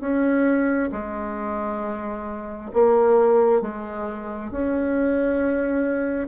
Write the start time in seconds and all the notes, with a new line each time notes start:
0.00 C#4
0.92 G#3
2.73 A#3
3.61 G#3
4.51 C#4